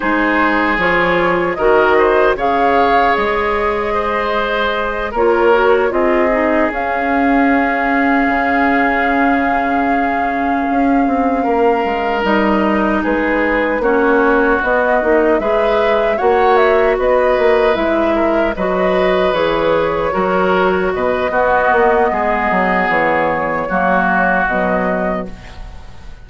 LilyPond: <<
  \new Staff \with { instrumentName = "flute" } { \time 4/4 \tempo 4 = 76 c''4 cis''4 dis''4 f''4 | dis''2~ dis''8 cis''4 dis''8~ | dis''8 f''2.~ f''8~ | f''2.~ f''8 dis''8~ |
dis''8 b'4 cis''4 dis''4 e''8~ | e''8 fis''8 e''8 dis''4 e''4 dis''8~ | dis''8 cis''2 dis''4.~ | dis''4 cis''2 dis''4 | }
  \new Staff \with { instrumentName = "oboe" } { \time 4/4 gis'2 ais'8 c''8 cis''4~ | cis''4 c''4. ais'4 gis'8~ | gis'1~ | gis'2~ gis'8 ais'4.~ |
ais'8 gis'4 fis'2 b'8~ | b'8 cis''4 b'4. ais'8 b'8~ | b'4. ais'4 b'8 fis'4 | gis'2 fis'2 | }
  \new Staff \with { instrumentName = "clarinet" } { \time 4/4 dis'4 f'4 fis'4 gis'4~ | gis'2~ gis'8 f'8 fis'8 f'8 | dis'8 cis'2.~ cis'8~ | cis'2.~ cis'8 dis'8~ |
dis'4. cis'4 b8 dis'8 gis'8~ | gis'8 fis'2 e'4 fis'8~ | fis'8 gis'4 fis'4. b4~ | b2 ais4 fis4 | }
  \new Staff \with { instrumentName = "bassoon" } { \time 4/4 gis4 f4 dis4 cis4 | gis2~ gis8 ais4 c'8~ | c'8 cis'2 cis4.~ | cis4. cis'8 c'8 ais8 gis8 g8~ |
g8 gis4 ais4 b8 ais8 gis8~ | gis8 ais4 b8 ais8 gis4 fis8~ | fis8 e4 fis4 b,8 b8 ais8 | gis8 fis8 e4 fis4 b,4 | }
>>